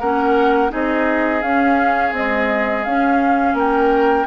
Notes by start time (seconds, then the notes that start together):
0.00 A#3 C#4 A#4 F#5
0.69 C4 D#4 G#4 D#5
1.42 C#4 F5
2.12 G#3 C4 D#5
2.84 C#4 F5
3.54 A#3 A#4 G5